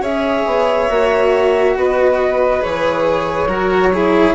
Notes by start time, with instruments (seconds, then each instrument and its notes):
0.00 bassoon C#4, cello G#4, violin C#5, flute E5
0.46 bassoon B3
0.88 bassoon A#3, cello F#4
1.76 bassoon B3, violin B4, flute D#5
2.60 bassoon E3, cello G#4, flute C#5
3.47 bassoon F#3, cello F#4, violin A#4
3.93 cello E4, violin G#4